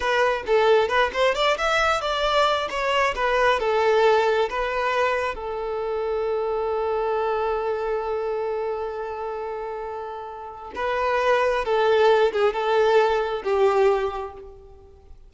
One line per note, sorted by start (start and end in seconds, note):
0.00 0.43 B4
0.46 0.88 A4
0.88 1.11 B4
1.13 1.34 C5
1.34 1.57 D5
1.57 2.01 E5
2.01 2.68 D5
2.69 3.14 C#5
3.15 3.59 B4
3.59 4.49 A4
4.49 5.34 B4
5.34 10.72 A4
10.75 11.64 B4
11.64 12.31 A4
12.32 12.53 G#4
12.53 13.42 A4
13.43 14.33 G4